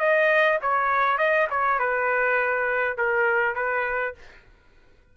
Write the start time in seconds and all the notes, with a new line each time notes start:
0.00 D#5
0.62 C#5
1.18 D#5
1.51 C#5
1.79 B4
2.98 A#4
3.56 B4